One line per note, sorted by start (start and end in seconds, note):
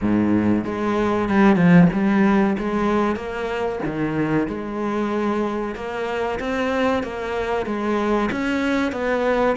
0.01 0.64 G#2
0.64 1.28 G#3
1.28 1.56 G3
1.56 1.88 F3
1.93 2.56 G3
2.58 3.15 G#3
3.15 3.79 A#3
3.85 4.47 D#3
4.47 5.75 G#3
5.75 6.39 A#3
6.39 7.03 C4
7.03 7.65 A#3
7.65 8.29 G#3
8.31 8.92 C#4
8.92 9.55 B3